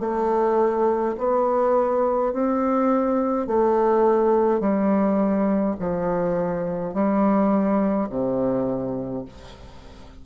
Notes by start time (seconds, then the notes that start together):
0.00 A3
1.18 B3
2.33 C4
3.47 A3
4.60 G3
5.80 F3
6.93 G3
8.09 C3